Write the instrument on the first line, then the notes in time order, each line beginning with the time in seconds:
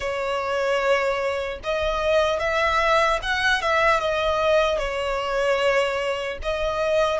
violin
0.00 C#5
1.63 D#5
2.39 E5
3.22 F#5
3.61 E5
4.00 D#5
4.78 C#5
6.42 D#5